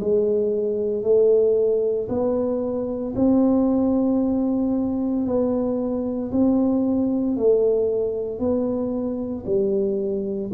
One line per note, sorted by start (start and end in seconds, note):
0.00 1.03 G#3
1.03 2.08 A3
2.09 3.14 B3
3.16 5.26 C4
5.26 6.31 B3
6.32 7.37 C4
7.37 8.39 A3
8.39 9.44 B3
9.46 10.51 G3